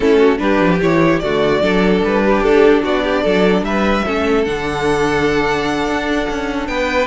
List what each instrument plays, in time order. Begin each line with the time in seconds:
0.00 cello A3, viola C#4, violin E4 A4
0.18 violin F#4
0.37 cello G3, viola D4, violin G4 B4
0.60 cello F3
0.82 cello E3, viola E4, violin C#5
1.19 cello D3, viola A3, violin F#4 D5
1.61 cello F#3, viola D4, violin A4
2.03 cello G3, violin B4
2.25 violin G4
2.40 cello D4, violin A4
2.82 cello B3, violin F#4 D5
3.03 violin G4
3.22 cello F#3, violin A4
3.62 cello G3, violin B4 E5
4.05 cello A3, viola C#4, violin A4
4.44 cello D3, viola D4, violin F#5
5.88 cello D4
6.29 cello C#4
6.67 cello B3, violin B4 G5